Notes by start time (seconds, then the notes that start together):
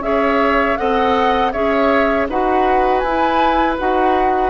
0.00 C#4 G#4 C#5 E5
0.77 C4 A4 D#5 F#5
1.52 C#4 G#4 C#5 E5
2.29 D#4 F#4 B4 F#5
2.99 E4 G#5
3.06 E4
3.79 D#4 F#4 F#5